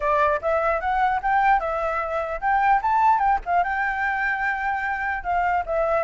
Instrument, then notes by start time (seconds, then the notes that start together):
flute
0.00 D5
0.41 E5
0.80 F#5
1.22 G5
1.59 E5
2.40 G5
2.82 A5
3.18 G5
3.45 F5
3.63 G5
5.23 F5
5.66 E5